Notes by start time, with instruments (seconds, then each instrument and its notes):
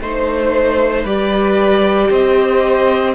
0.00 cello A3, viola D#4, violin C5
1.03 cello G3, viola G4, violin B4 D5
2.09 cello C4, violin C5 D#5